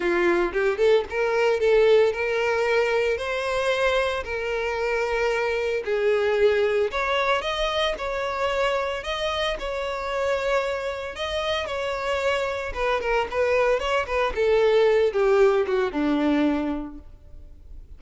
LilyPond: \new Staff \with { instrumentName = "violin" } { \time 4/4 \tempo 4 = 113 f'4 g'8 a'8 ais'4 a'4 | ais'2 c''2 | ais'2. gis'4~ | gis'4 cis''4 dis''4 cis''4~ |
cis''4 dis''4 cis''2~ | cis''4 dis''4 cis''2 | b'8 ais'8 b'4 cis''8 b'8 a'4~ | a'8 g'4 fis'8 d'2 | }